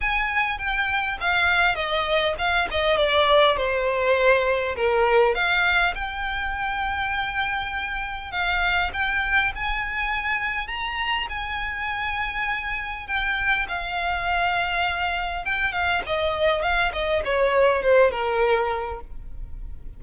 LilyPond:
\new Staff \with { instrumentName = "violin" } { \time 4/4 \tempo 4 = 101 gis''4 g''4 f''4 dis''4 | f''8 dis''8 d''4 c''2 | ais'4 f''4 g''2~ | g''2 f''4 g''4 |
gis''2 ais''4 gis''4~ | gis''2 g''4 f''4~ | f''2 g''8 f''8 dis''4 | f''8 dis''8 cis''4 c''8 ais'4. | }